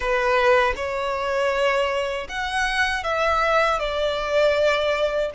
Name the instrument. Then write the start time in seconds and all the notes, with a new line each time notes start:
violin
0.00 B4
0.76 C#5
2.28 F#5
3.03 E5
3.79 D5